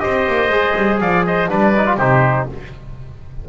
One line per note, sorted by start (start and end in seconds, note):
0.00 0.28 C4
0.00 0.49 G4
0.00 1.02 C5
0.00 0.99 D#5
0.28 0.49 A#3
0.49 0.74 G#3
0.49 1.49 G#4
0.77 1.01 G3
1.01 1.50 F3
1.01 1.26 D5
1.01 1.26 F5
1.27 1.50 C5
1.27 1.51 D#5
1.49 1.98 G3
1.49 1.74 D4
1.49 1.97 B4
1.49 2.00 D5
1.77 1.87 D#4
1.87 1.99 F4
1.97 2.47 C3
1.97 2.49 D#4
1.97 2.47 G4
1.97 2.49 C5